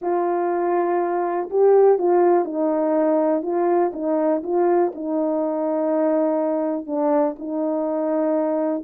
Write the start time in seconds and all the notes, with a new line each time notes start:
0.01 F4
1.50 G4
1.98 F4
2.44 D#4
3.42 F4
3.93 D#4
4.43 F4
4.94 D#4
6.86 D4
7.38 D#4